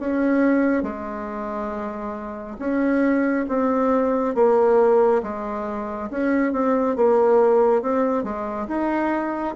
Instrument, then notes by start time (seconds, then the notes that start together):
bassoon
0.00 C#4
0.83 G#3
2.59 C#4
3.49 C4
4.36 A#3
5.23 G#3
6.11 C#4
6.53 C4
6.97 A#3
7.82 C4
8.24 G#3
8.68 D#4